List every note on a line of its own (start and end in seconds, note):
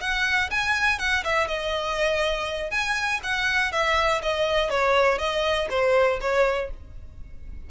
0.00 0.50 F#5
0.50 0.98 G#5
0.98 1.23 F#5
1.24 1.47 E5
1.47 2.70 D#5
2.70 3.20 G#5
3.23 3.72 F#5
3.72 4.21 E5
4.22 4.69 D#5
4.69 5.18 C#5
5.18 5.67 D#5
5.70 6.19 C5
6.20 6.70 C#5